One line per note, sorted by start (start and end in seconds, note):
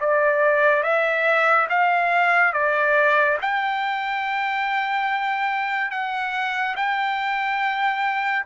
0.00 0.83 D5
0.83 1.67 E5
1.69 2.53 F5
2.53 3.38 D5
3.41 5.91 G5
5.91 6.76 F#5
6.76 8.45 G5